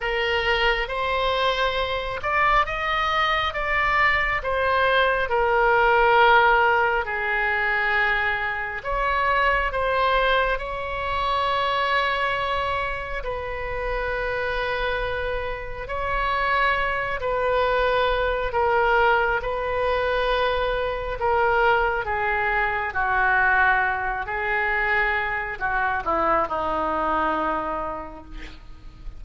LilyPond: \new Staff \with { instrumentName = "oboe" } { \time 4/4 \tempo 4 = 68 ais'4 c''4. d''8 dis''4 | d''4 c''4 ais'2 | gis'2 cis''4 c''4 | cis''2. b'4~ |
b'2 cis''4. b'8~ | b'4 ais'4 b'2 | ais'4 gis'4 fis'4. gis'8~ | gis'4 fis'8 e'8 dis'2 | }